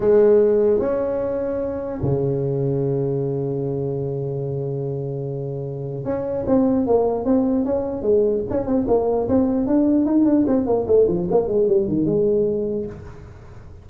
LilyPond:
\new Staff \with { instrumentName = "tuba" } { \time 4/4 \tempo 4 = 149 gis2 cis'2~ | cis'4 cis2.~ | cis1~ | cis2. cis'4 |
c'4 ais4 c'4 cis'4 | gis4 cis'8 c'8 ais4 c'4 | d'4 dis'8 d'8 c'8 ais8 a8 f8 | ais8 gis8 g8 dis8 gis2 | }